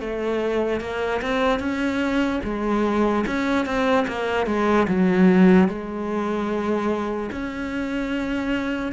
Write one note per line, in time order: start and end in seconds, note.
0.00 0.80 A3
0.80 1.21 A#3
1.22 1.59 C4
1.59 2.40 C#4
2.44 3.25 G#3
3.26 3.65 C#4
3.65 4.06 C4
4.07 4.46 A#3
4.46 4.87 G#3
4.88 5.68 F#3
5.68 7.30 G#3
7.31 8.92 C#4